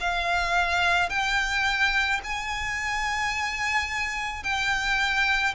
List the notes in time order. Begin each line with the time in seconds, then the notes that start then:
0.00 F5
1.09 G5
2.24 G#5
4.43 G5